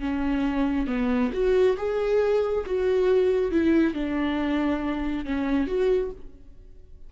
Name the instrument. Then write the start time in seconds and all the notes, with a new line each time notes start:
viola
0.00 C#4
0.87 B3
1.33 F#4
1.77 G#4
2.66 F#4
3.51 E4
3.94 D4
5.25 C#4
5.67 F#4